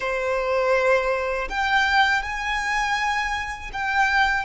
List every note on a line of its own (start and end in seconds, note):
0.00 1.48 C5
1.49 2.22 G5
2.22 3.70 G#5
3.72 4.45 G5